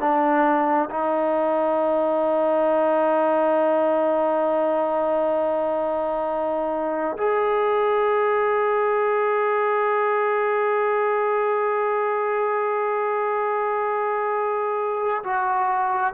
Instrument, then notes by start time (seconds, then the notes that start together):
trombone
0.00 D4
0.90 D#4
7.18 G#4
15.24 F#4